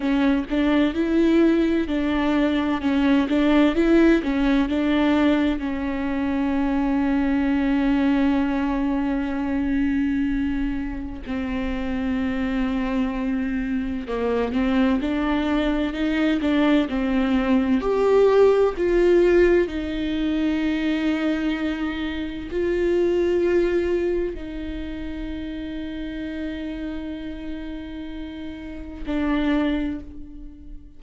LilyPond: \new Staff \with { instrumentName = "viola" } { \time 4/4 \tempo 4 = 64 cis'8 d'8 e'4 d'4 cis'8 d'8 | e'8 cis'8 d'4 cis'2~ | cis'1 | c'2. ais8 c'8 |
d'4 dis'8 d'8 c'4 g'4 | f'4 dis'2. | f'2 dis'2~ | dis'2. d'4 | }